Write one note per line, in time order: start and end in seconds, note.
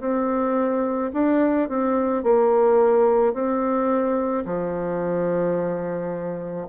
0.00 1.11 C4
1.13 1.69 D4
1.69 2.23 C4
2.23 3.33 A#3
3.33 4.44 C4
4.45 6.67 F3